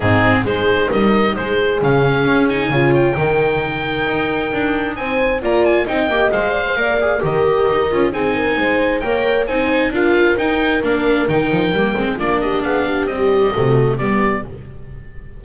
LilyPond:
<<
  \new Staff \with { instrumentName = "oboe" } { \time 4/4 \tempo 4 = 133 gis'4 c''4 dis''4 c''4 | f''4. gis''4 g''4.~ | g''2. gis''4 | ais''8 gis''8 g''4 f''2 |
dis''2 gis''2 | g''4 gis''4 f''4 g''4 | f''4 g''2 d''8 dis''8 | f''4 dis''2 d''4 | }
  \new Staff \with { instrumentName = "horn" } { \time 4/4 dis'4 gis'4 ais'4 gis'4~ | gis'2 cis''4 ais'4~ | ais'2. c''4 | d''4 dis''4. d''16 c''16 d''4 |
ais'2 gis'8 ais'8 c''4 | cis''4 c''4 ais'2~ | ais'2. f'8 g'8 | gis'8 g'4. fis'4 g'4 | }
  \new Staff \with { instrumentName = "viola" } { \time 4/4 c'4 dis'2. | cis'4. dis'8 f'4 dis'4~ | dis'1 | f'4 dis'8 g'8 c''4 ais'8 gis'8 |
g'4. f'8 dis'2 | ais'4 dis'4 f'4 dis'4 | d'4 dis'4 ais8 c'8 d'4~ | d'4 g4 a4 b4 | }
  \new Staff \with { instrumentName = "double bass" } { \time 4/4 gis,4 gis4 g4 gis4 | cis4 cis'4 cis4 dis4~ | dis4 dis'4 d'4 c'4 | ais4 c'8 ais8 gis4 ais4 |
dis4 dis'8 cis'8 c'4 gis4 | ais4 c'4 d'4 dis'4 | ais4 dis8 f8 g8 gis8 ais4 | b4 c'4 c4 g4 | }
>>